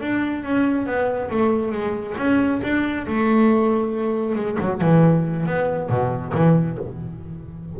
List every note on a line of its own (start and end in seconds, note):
0.00 0.43 D4
0.43 0.86 C#4
0.86 1.30 B3
1.30 1.72 A3
1.72 2.16 G#3
2.17 2.61 C#4
2.63 3.06 D4
3.07 4.36 A3
4.36 4.57 G#3
4.60 4.81 F#3
4.81 5.46 E3
5.46 5.89 B3
5.89 6.33 B2
6.34 6.78 E3